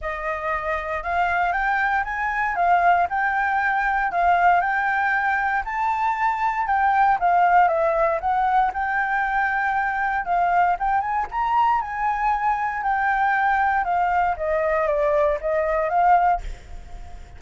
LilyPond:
\new Staff \with { instrumentName = "flute" } { \time 4/4 \tempo 4 = 117 dis''2 f''4 g''4 | gis''4 f''4 g''2 | f''4 g''2 a''4~ | a''4 g''4 f''4 e''4 |
fis''4 g''2. | f''4 g''8 gis''8 ais''4 gis''4~ | gis''4 g''2 f''4 | dis''4 d''4 dis''4 f''4 | }